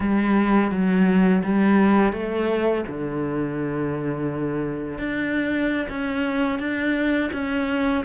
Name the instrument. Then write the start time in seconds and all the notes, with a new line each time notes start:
cello
0.00 G3
0.71 F#3
1.43 G3
2.12 A3
2.87 D3
4.98 D4
5.89 C#4
6.59 D4
7.32 C#4